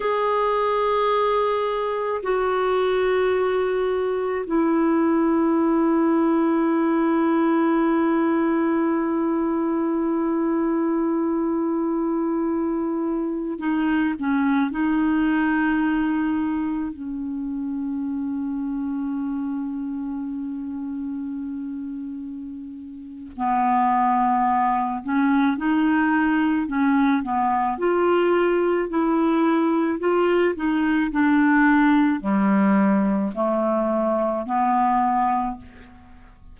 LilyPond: \new Staff \with { instrumentName = "clarinet" } { \time 4/4 \tempo 4 = 54 gis'2 fis'2 | e'1~ | e'1~ | e'16 dis'8 cis'8 dis'2 cis'8.~ |
cis'1~ | cis'4 b4. cis'8 dis'4 | cis'8 b8 f'4 e'4 f'8 dis'8 | d'4 g4 a4 b4 | }